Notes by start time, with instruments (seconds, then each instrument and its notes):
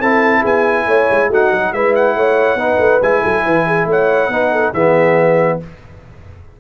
0.00 tuba C4, trombone E4, horn A4, trumpet A5
0.41 tuba B3, horn G#4, trumpet G#5
0.86 tuba A3, horn C#5
1.10 tuba G#3
1.29 tuba A3, trombone D#4, horn F#4, trumpet F#5
1.52 tuba F#3
1.73 tuba G#3, trombone E4, horn B4, trumpet E5
1.95 trumpet F#5
2.15 tuba A3, horn C#5
2.55 tuba B3, trombone D#4, horn B4
2.78 tuba A3
3.01 tuba G#3, trombone E4, trumpet G#5
3.23 tuba F#3, horn A4
3.45 tuba E3, horn B4
3.66 horn G#4
3.85 tuba A3, horn C#5
3.91 trumpet F#5
4.28 tuba B3, trombone D#4, horn B4
4.52 horn A4
4.73 tuba E3, trombone B3, horn G#4, trumpet E5